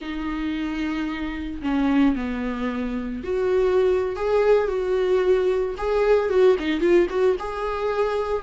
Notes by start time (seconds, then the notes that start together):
0.01 D#4
1.62 C#4
2.15 B3
3.23 F#4
4.16 G#4
4.68 F#4
5.77 G#4
6.29 F#4
6.59 D#4
6.80 F4
7.09 F#4
7.39 G#4